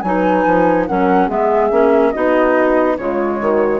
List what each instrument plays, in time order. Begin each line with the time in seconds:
0.00 bassoon F#3, clarinet D#4, horn B4, flute G#5
0.46 bassoon F3
0.87 bassoon F#3, clarinet C#4, horn A#4, flute F#5
1.27 bassoon G#3, clarinet B3, horn G#4, flute E5
1.71 bassoon A#3, clarinet C#4
2.11 bassoon B3, clarinet D#4, horn F#4, flute D#5
2.97 bassoon C#3, clarinet G#3, horn F4, flute C#5
3.40 bassoon D#3, horn F#4